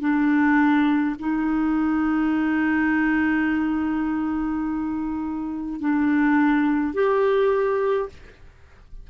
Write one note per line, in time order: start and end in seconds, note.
0.00 1.15 D4
1.19 5.80 D#4
5.80 6.93 D4
6.93 8.09 G4